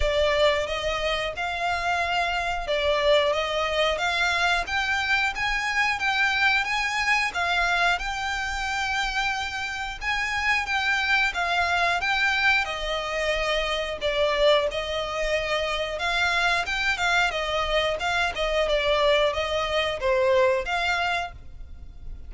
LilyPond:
\new Staff \with { instrumentName = "violin" } { \time 4/4 \tempo 4 = 90 d''4 dis''4 f''2 | d''4 dis''4 f''4 g''4 | gis''4 g''4 gis''4 f''4 | g''2. gis''4 |
g''4 f''4 g''4 dis''4~ | dis''4 d''4 dis''2 | f''4 g''8 f''8 dis''4 f''8 dis''8 | d''4 dis''4 c''4 f''4 | }